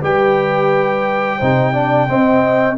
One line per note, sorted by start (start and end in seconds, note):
0.00 1.41 G3
0.00 1.40 G4
0.00 1.38 B4
0.00 2.78 G5
1.38 2.09 C3
1.38 1.74 D#4
1.38 1.72 C5
1.73 2.08 D4
1.73 2.07 D5
2.08 2.77 C4
2.08 2.78 C4
2.08 2.78 D#5